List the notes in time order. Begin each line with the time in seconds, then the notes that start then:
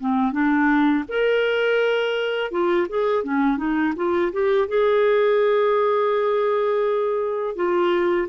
0.00 C4
0.32 D4
1.08 A#4
2.51 F4
2.89 G#4
3.24 C#4
3.58 D#4
3.96 F4
4.32 G4
4.68 G#4
7.55 F4